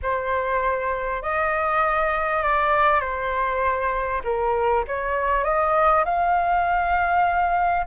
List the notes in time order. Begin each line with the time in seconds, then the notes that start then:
0.02 C5
1.22 D#5
2.42 D5
3.00 C5
4.23 A#4
4.87 C#5
5.44 D#5
6.04 F5